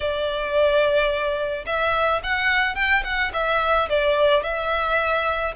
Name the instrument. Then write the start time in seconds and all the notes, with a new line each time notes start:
violin
0.00 D5
1.66 E5
2.23 F#5
2.75 G5
3.04 F#5
3.33 E5
3.89 D5
4.43 E5